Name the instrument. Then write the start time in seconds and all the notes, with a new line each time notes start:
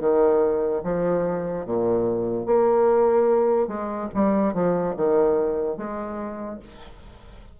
bassoon
0.00 D#3
0.84 F3
1.66 A#2
2.46 A#3
3.68 G#3
4.14 G3
4.54 F3
4.97 D#3
5.77 G#3